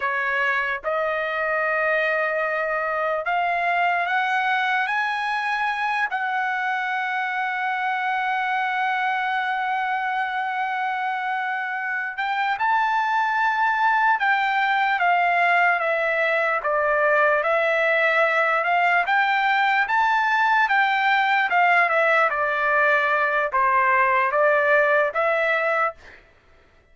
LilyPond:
\new Staff \with { instrumentName = "trumpet" } { \time 4/4 \tempo 4 = 74 cis''4 dis''2. | f''4 fis''4 gis''4. fis''8~ | fis''1~ | fis''2. g''8 a''8~ |
a''4. g''4 f''4 e''8~ | e''8 d''4 e''4. f''8 g''8~ | g''8 a''4 g''4 f''8 e''8 d''8~ | d''4 c''4 d''4 e''4 | }